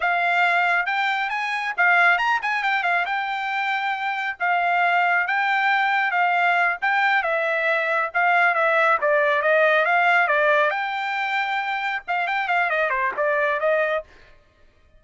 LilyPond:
\new Staff \with { instrumentName = "trumpet" } { \time 4/4 \tempo 4 = 137 f''2 g''4 gis''4 | f''4 ais''8 gis''8 g''8 f''8 g''4~ | g''2 f''2 | g''2 f''4. g''8~ |
g''8 e''2 f''4 e''8~ | e''8 d''4 dis''4 f''4 d''8~ | d''8 g''2. f''8 | g''8 f''8 dis''8 c''8 d''4 dis''4 | }